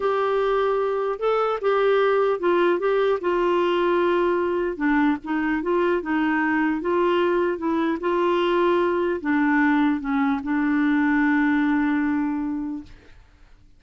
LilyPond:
\new Staff \with { instrumentName = "clarinet" } { \time 4/4 \tempo 4 = 150 g'2. a'4 | g'2 f'4 g'4 | f'1 | d'4 dis'4 f'4 dis'4~ |
dis'4 f'2 e'4 | f'2. d'4~ | d'4 cis'4 d'2~ | d'1 | }